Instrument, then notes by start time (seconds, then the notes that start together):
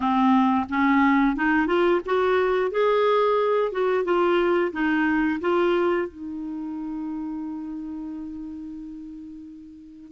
clarinet
0.00 C4
0.69 C#4
1.35 D#4
1.67 F4
2.05 F#4
2.71 G#4
3.72 F#4
4.04 F4
4.72 D#4
5.41 F4
6.08 D#4